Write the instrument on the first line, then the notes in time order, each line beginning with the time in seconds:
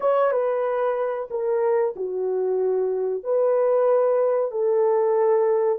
horn
0.00 C#5
0.31 B4
1.30 A#4
1.95 F#4
3.23 B4
4.51 A4